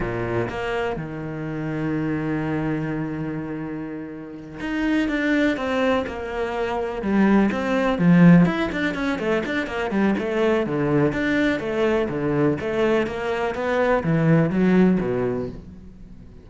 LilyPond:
\new Staff \with { instrumentName = "cello" } { \time 4/4 \tempo 4 = 124 ais,4 ais4 dis2~ | dis1~ | dis4. dis'4 d'4 c'8~ | c'8 ais2 g4 c'8~ |
c'8 f4 e'8 d'8 cis'8 a8 d'8 | ais8 g8 a4 d4 d'4 | a4 d4 a4 ais4 | b4 e4 fis4 b,4 | }